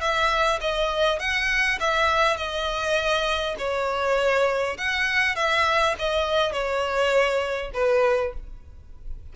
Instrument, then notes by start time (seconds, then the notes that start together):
violin
0.00 E5
0.60 D#5
1.19 F#5
1.80 E5
2.36 D#5
3.58 C#5
4.77 F#5
5.35 E5
5.98 D#5
6.52 C#5
7.73 B4